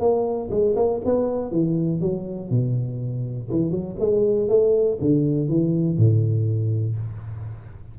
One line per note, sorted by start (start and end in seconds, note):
0.00 0.50 A#3
0.51 0.76 G#3
0.76 1.01 A#3
1.05 1.51 B3
1.51 2.01 E3
2.01 2.50 F#3
2.50 3.50 B2
3.51 3.71 E3
3.71 3.96 F#3
4.00 4.49 G#3
4.49 4.99 A3
5.01 5.49 D3
5.49 5.98 E3
5.98 6.97 A2